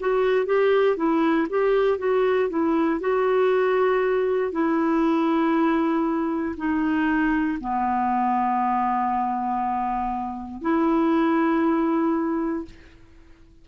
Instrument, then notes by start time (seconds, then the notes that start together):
clarinet
0.00 F#4
0.46 G4
0.97 E4
1.49 G4
1.98 F#4
2.49 E4
3.00 F#4
4.52 E4
6.57 D#4
7.60 B3
10.61 E4